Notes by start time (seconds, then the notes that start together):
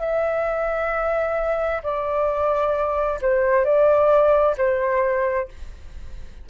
0.00 E5
1.83 D5
3.22 C5
3.65 D5
4.57 C5